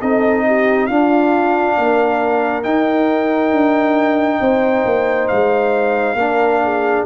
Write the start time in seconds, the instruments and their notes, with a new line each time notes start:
0.00 tuba C4, trombone D#4, horn A4, trumpet D#5
0.47 horn G4
0.87 tuba D4, trombone D4, horn F4, trumpet F5
1.78 tuba A#3, horn A#4
2.64 trombone D#4, tuba D#4, trumpet G5
3.52 tuba D4
4.41 tuba C4, horn C5
4.85 tuba A#3
5.28 tuba G#3, trumpet F5
6.15 tuba A#3, trombone D4, horn A#4
6.64 horn G#4